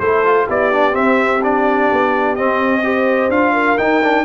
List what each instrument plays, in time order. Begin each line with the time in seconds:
0.00 tuba A3, trombone E4, horn A4, trumpet C5
0.25 trombone F4
0.45 tuba B3, trombone E4, horn G4, trumpet D5
0.72 trombone D4
0.92 trombone C4, tuba C4, trumpet E5
1.44 trombone D4, trumpet D5
1.92 tuba B3
2.36 trombone C4, tuba C4, trumpet D#5
2.83 trombone G4, horn C5
3.29 tuba D4, trombone F4, trumpet F5
3.53 horn A#4
3.78 tuba D#4, trombone D#4, trumpet G5
4.03 trombone D4